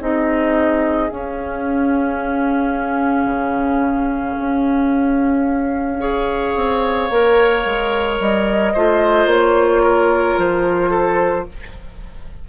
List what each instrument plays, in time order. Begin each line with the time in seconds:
0.00 bassoon C4, clarinet D#4, oboe G#4, flute D#5
1.09 clarinet C#4, bassoon C#4, flute F5
3.25 bassoon C#3
4.38 bassoon C#4
6.00 clarinet G#4, oboe C#5
6.55 bassoon C4
7.10 bassoon A#3, clarinet A#4
7.65 bassoon G#3
8.20 bassoon G3, flute D#5
8.73 bassoon A3, clarinet F4, oboe C5
9.25 bassoon A#3, flute C#5
9.82 oboe A#4
10.37 bassoon F3, flute C5
10.90 oboe A4